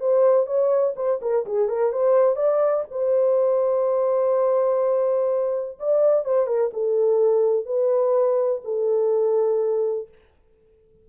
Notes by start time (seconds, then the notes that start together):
0.00 C5
0.46 C#5
0.96 C5
1.22 A#4
1.46 G#4
1.68 A#4
1.93 C5
2.36 D5
2.91 C5
5.79 D5
6.25 C5
6.47 A#4
6.73 A4
7.66 B4
8.64 A4